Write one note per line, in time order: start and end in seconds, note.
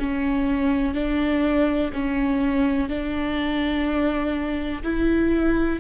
0.00 0.95 C#4
0.95 1.91 D4
1.94 2.89 C#4
2.89 4.83 D4
4.83 5.80 E4